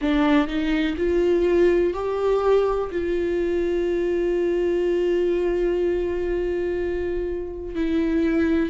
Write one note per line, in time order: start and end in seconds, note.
0.00 0.47 D4
0.47 0.95 D#4
0.97 1.94 F4
1.94 2.90 G4
2.91 7.75 F4
7.75 8.69 E4